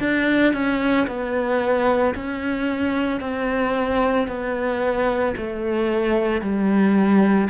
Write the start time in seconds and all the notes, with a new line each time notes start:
0.00 D4
0.54 C#4
1.08 B3
2.15 C#4
3.21 C4
4.28 B3
5.37 A3
6.42 G3